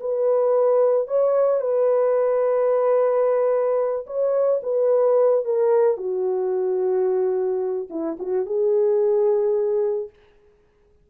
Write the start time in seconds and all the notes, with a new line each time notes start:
0.00 B4
1.08 C#5
1.60 B4
4.06 C#5
4.63 B4
5.44 A#4
5.97 F#4
7.90 E4
8.19 F#4
8.45 G#4